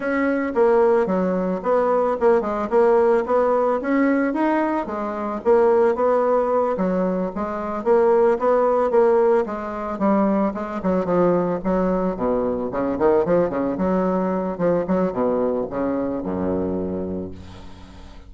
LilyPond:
\new Staff \with { instrumentName = "bassoon" } { \time 4/4 \tempo 4 = 111 cis'4 ais4 fis4 b4 | ais8 gis8 ais4 b4 cis'4 | dis'4 gis4 ais4 b4~ | b8 fis4 gis4 ais4 b8~ |
b8 ais4 gis4 g4 gis8 | fis8 f4 fis4 b,4 cis8 | dis8 f8 cis8 fis4. f8 fis8 | b,4 cis4 fis,2 | }